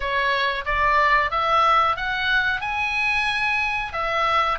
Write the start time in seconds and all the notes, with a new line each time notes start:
0.00 C#5
0.65 D5
1.30 E5
1.96 F#5
2.60 G#5
3.93 E5